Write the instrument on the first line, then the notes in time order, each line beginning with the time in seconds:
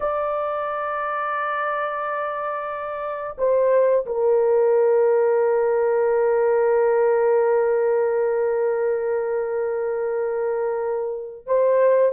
horn
0.00 D5
3.38 C5
4.06 A#4
11.46 C5